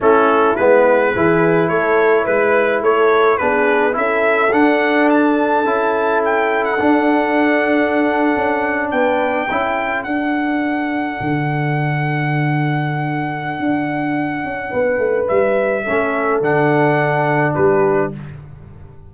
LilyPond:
<<
  \new Staff \with { instrumentName = "trumpet" } { \time 4/4 \tempo 4 = 106 a'4 b'2 cis''4 | b'4 cis''4 b'4 e''4 | fis''4 a''2 g''8. fis''16~ | fis''2.~ fis''8. g''16~ |
g''4.~ g''16 fis''2~ fis''16~ | fis''1~ | fis''2. e''4~ | e''4 fis''2 b'4 | }
  \new Staff \with { instrumentName = "horn" } { \time 4/4 e'2 gis'4 a'4 | b'4 a'4 gis'4 a'4~ | a'1~ | a'2.~ a'8. b'16~ |
b'8. a'2.~ a'16~ | a'1~ | a'2 b'2 | a'2. g'4 | }
  \new Staff \with { instrumentName = "trombone" } { \time 4/4 cis'4 b4 e'2~ | e'2 d'4 e'4 | d'2 e'2 | d'1~ |
d'8. e'4 d'2~ d'16~ | d'1~ | d'1 | cis'4 d'2. | }
  \new Staff \with { instrumentName = "tuba" } { \time 4/4 a4 gis4 e4 a4 | gis4 a4 b4 cis'4 | d'2 cis'2 | d'2~ d'8. cis'4 b16~ |
b8. cis'4 d'2 d16~ | d1 | d'4. cis'8 b8 a8 g4 | a4 d2 g4 | }
>>